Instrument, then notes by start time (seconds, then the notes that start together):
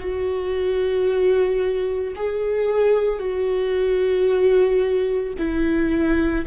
viola
0.00 F#4
2.16 G#4
3.19 F#4
5.39 E4